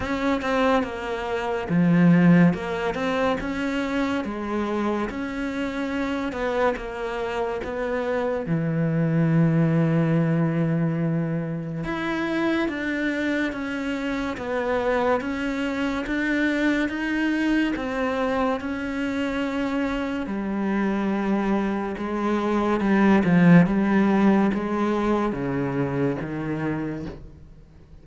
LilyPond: \new Staff \with { instrumentName = "cello" } { \time 4/4 \tempo 4 = 71 cis'8 c'8 ais4 f4 ais8 c'8 | cis'4 gis4 cis'4. b8 | ais4 b4 e2~ | e2 e'4 d'4 |
cis'4 b4 cis'4 d'4 | dis'4 c'4 cis'2 | g2 gis4 g8 f8 | g4 gis4 cis4 dis4 | }